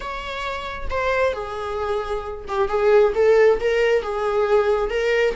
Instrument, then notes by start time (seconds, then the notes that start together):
viola
0.00 C#5
0.90 C5
1.33 G#4
2.48 G4
2.68 G#4
3.14 A4
3.60 A#4
4.02 G#4
4.89 A#4